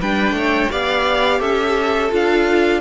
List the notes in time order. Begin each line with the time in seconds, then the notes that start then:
0.00 G3 D4 B4 G5
0.31 A3 C#5
0.71 B3 G4 D5 F5
1.39 C#4 A4 E5
2.10 D4 F4 F5